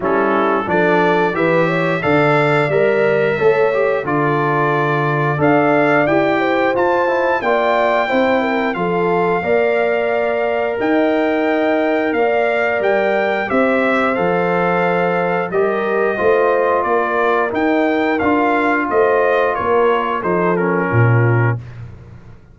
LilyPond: <<
  \new Staff \with { instrumentName = "trumpet" } { \time 4/4 \tempo 4 = 89 a'4 d''4 e''4 f''4 | e''2 d''2 | f''4 g''4 a''4 g''4~ | g''4 f''2. |
g''2 f''4 g''4 | e''4 f''2 dis''4~ | dis''4 d''4 g''4 f''4 | dis''4 cis''4 c''8 ais'4. | }
  \new Staff \with { instrumentName = "horn" } { \time 4/4 e'4 a'4 b'8 cis''8 d''4~ | d''4 cis''4 a'2 | d''4. c''4. d''4 | c''8 ais'8 a'4 d''2 |
dis''2 d''2 | c''2. ais'4 | c''4 ais'2. | c''4 ais'4 a'4 f'4 | }
  \new Staff \with { instrumentName = "trombone" } { \time 4/4 cis'4 d'4 g'4 a'4 | ais'4 a'8 g'8 f'2 | a'4 g'4 f'8 e'8 f'4 | e'4 f'4 ais'2~ |
ais'1 | g'4 a'2 g'4 | f'2 dis'4 f'4~ | f'2 dis'8 cis'4. | }
  \new Staff \with { instrumentName = "tuba" } { \time 4/4 g4 f4 e4 d4 | g4 a4 d2 | d'4 e'4 f'4 ais4 | c'4 f4 ais2 |
dis'2 ais4 g4 | c'4 f2 g4 | a4 ais4 dis'4 d'4 | a4 ais4 f4 ais,4 | }
>>